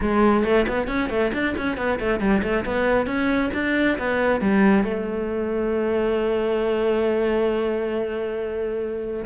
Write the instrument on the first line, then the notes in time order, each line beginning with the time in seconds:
cello
0.01 G#3
0.44 A3
0.68 B3
0.87 C#4
1.09 A3
1.33 D4
1.57 C#4
1.77 B3
1.99 A3
2.19 G3
2.42 A3
2.65 B3
3.06 C#4
3.53 D4
3.98 B3
4.40 G3
4.83 A3